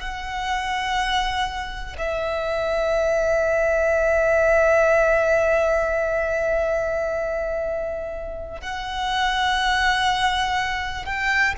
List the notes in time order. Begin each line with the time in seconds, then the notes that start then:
0.00 F#5
1.99 E5
8.62 F#5
11.06 G5